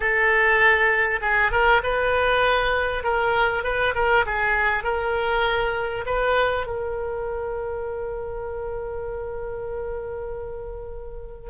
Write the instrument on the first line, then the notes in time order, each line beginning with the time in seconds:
oboe
0.00 A4
1.21 G#4
1.51 A#4
1.83 B4
3.03 A#4
3.63 B4
3.94 A#4
4.26 G#4
4.83 A#4
6.06 B4
6.66 A#4